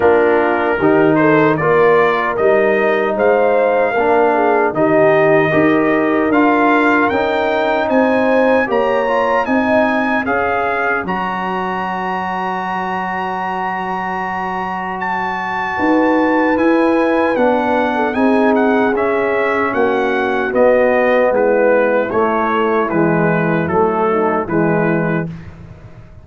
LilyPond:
<<
  \new Staff \with { instrumentName = "trumpet" } { \time 4/4 \tempo 4 = 76 ais'4. c''8 d''4 dis''4 | f''2 dis''2 | f''4 g''4 gis''4 ais''4 | gis''4 f''4 ais''2~ |
ais''2. a''4~ | a''4 gis''4 fis''4 gis''8 fis''8 | e''4 fis''4 dis''4 b'4 | cis''4 b'4 a'4 b'4 | }
  \new Staff \with { instrumentName = "horn" } { \time 4/4 f'4 g'8 a'8 ais'2 | c''4 ais'8 gis'8 g'4 ais'4~ | ais'2 c''4 cis''4 | dis''4 cis''2.~ |
cis''1 | b'2~ b'8. a'16 gis'4~ | gis'4 fis'2 e'4~ | e'2~ e'8 dis'8 e'4 | }
  \new Staff \with { instrumentName = "trombone" } { \time 4/4 d'4 dis'4 f'4 dis'4~ | dis'4 d'4 dis'4 g'4 | f'4 dis'2 g'8 f'8 | dis'4 gis'4 fis'2~ |
fis'1~ | fis'4 e'4 d'4 dis'4 | cis'2 b2 | a4 gis4 a4 gis4 | }
  \new Staff \with { instrumentName = "tuba" } { \time 4/4 ais4 dis4 ais4 g4 | gis4 ais4 dis4 dis'4 | d'4 cis'4 c'4 ais4 | c'4 cis'4 fis2~ |
fis1 | dis'4 e'4 b4 c'4 | cis'4 ais4 b4 gis4 | a4 e4 fis4 e4 | }
>>